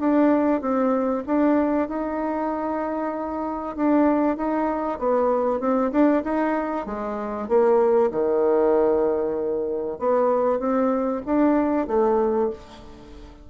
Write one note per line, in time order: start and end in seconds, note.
0.00 0.62 D4
0.62 1.24 C4
1.27 1.89 D4
1.89 3.76 D#4
3.77 4.37 D4
4.37 4.99 D#4
4.99 5.61 B3
5.61 5.92 C4
5.92 6.23 D4
6.24 6.86 D#4
6.86 7.49 G#3
7.49 8.11 A#3
8.12 9.99 D#3
9.99 10.60 B3
10.60 11.22 C4
11.26 11.88 D4
11.88 12.50 A3